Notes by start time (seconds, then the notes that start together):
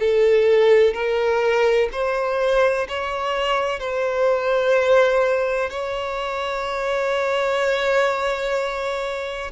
0.00 A4
0.94 A#4
1.92 C5
2.89 C#5
3.80 C5
5.71 C#5